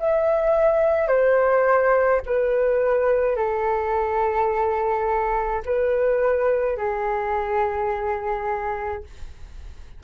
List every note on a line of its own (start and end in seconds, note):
0.00 1.09 E5
1.09 2.22 C5
2.26 3.37 B4
3.37 5.63 A4
5.66 6.77 B4
6.77 9.04 G#4